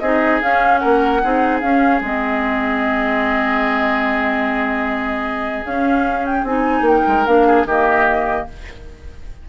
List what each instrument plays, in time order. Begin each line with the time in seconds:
0.00 bassoon C4, clarinet D#4, oboe G#4, flute D#5
0.42 clarinet C#4, bassoon C#4, flute F5
0.78 bassoon A#3, oboe A#4, flute F#5
1.23 bassoon C4, clarinet D#4, oboe G#4
1.61 clarinet C#4, bassoon C#4, flute F5
2.01 bassoon G#3, clarinet C4, flute D#5
5.65 bassoon C#4, clarinet C#4, flute F5
6.26 flute G5
6.43 bassoon C4, clarinet D#4, flute G#5
6.81 bassoon A#3, flute G5
6.89 oboe A#4
7.07 bassoon G#3
7.26 bassoon A#3, clarinet D4, flute F5
7.47 oboe G#4
7.65 bassoon D#3, clarinet A#3, oboe G4, flute D#5